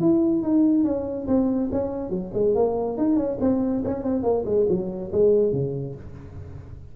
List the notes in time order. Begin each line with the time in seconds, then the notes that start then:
0.00 E4
0.42 D#4
0.84 C#4
1.27 C4
1.72 C#4
2.10 F#3
2.33 G#3
2.55 A#3
2.97 D#4
3.16 C#4
3.40 C4
3.84 C#4
4.03 C4
4.23 A#3
4.45 G#3
4.69 F#3
5.12 G#3
5.52 C#3